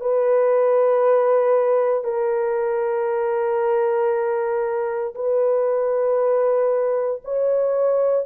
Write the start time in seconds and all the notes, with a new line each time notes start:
0.00 B4
2.04 A#4
5.14 B4
7.24 C#5